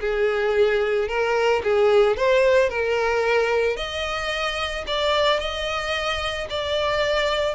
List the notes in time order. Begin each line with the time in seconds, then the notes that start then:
0.00 G#4
1.08 A#4
1.63 G#4
2.16 C5
2.69 A#4
3.76 D#5
4.87 D5
5.39 D#5
6.49 D5